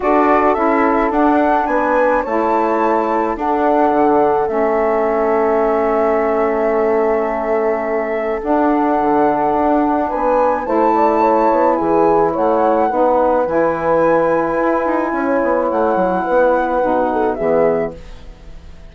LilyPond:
<<
  \new Staff \with { instrumentName = "flute" } { \time 4/4 \tempo 4 = 107 d''4 e''4 fis''4 gis''4 | a''2 fis''2 | e''1~ | e''2. fis''4~ |
fis''2 gis''4 a''4~ | a''4 gis''4 fis''2 | gis''1 | fis''2. e''4 | }
  \new Staff \with { instrumentName = "horn" } { \time 4/4 a'2. b'4 | cis''2 a'2~ | a'1~ | a'1~ |
a'2 b'4 c''8 d''8 | cis''4 gis'4 cis''4 b'4~ | b'2. cis''4~ | cis''4 b'4. a'8 gis'4 | }
  \new Staff \with { instrumentName = "saxophone" } { \time 4/4 fis'4 e'4 d'2 | e'2 d'2 | cis'1~ | cis'2. d'4~ |
d'2. e'4~ | e'2. dis'4 | e'1~ | e'2 dis'4 b4 | }
  \new Staff \with { instrumentName = "bassoon" } { \time 4/4 d'4 cis'4 d'4 b4 | a2 d'4 d4 | a1~ | a2. d'4 |
d4 d'4 b4 a4~ | a8 b8 e4 a4 b4 | e2 e'8 dis'8 cis'8 b8 | a8 fis8 b4 b,4 e4 | }
>>